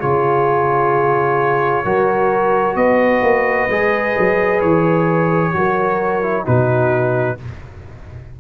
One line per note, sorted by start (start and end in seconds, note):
0.00 1.85 C#3
0.00 1.85 F4
0.00 1.85 G#4
0.00 2.77 C#5
1.85 2.76 F#3
1.85 3.70 F#4
1.85 2.77 A#4
2.76 3.22 B3
2.76 5.55 B4
2.76 4.61 D#5
3.22 3.68 A#3
3.69 4.16 G#3
3.69 5.53 G#4
4.19 4.62 F#3
4.61 5.55 E3
4.61 6.46 C#5
5.53 6.47 F#3
5.53 6.22 F#4
5.53 6.44 A#4
6.22 6.45 E4
6.44 7.40 B2
6.44 7.37 D#4
6.44 7.37 F#4
6.44 7.39 B4